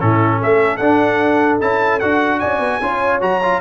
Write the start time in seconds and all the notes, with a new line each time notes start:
0.00 A2 C#4 E4 A4
0.38 A3 A4 E5
0.77 D4 F#5
1.61 C#4 E4 A5
2.00 D4 F#4 F#5
2.40 C#4 D5 G#5
2.60 B3
2.82 C#4 F4 C#5
3.21 F#3 F#4 A#5
3.43 F4